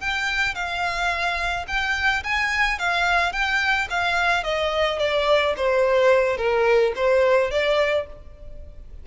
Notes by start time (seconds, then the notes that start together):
0.00 G5
0.55 F5
1.67 G5
2.23 G#5
2.79 F5
3.32 G5
3.90 F5
4.44 D#5
4.99 D5
5.57 C5
6.37 A#4
6.95 C5
7.51 D5